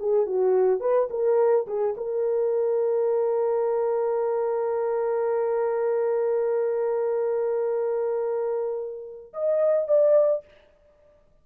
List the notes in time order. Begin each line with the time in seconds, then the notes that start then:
0.00 G#4
0.27 F#4
0.81 B4
1.10 A#4
1.67 G#4
1.97 A#4
9.33 D#5
9.88 D5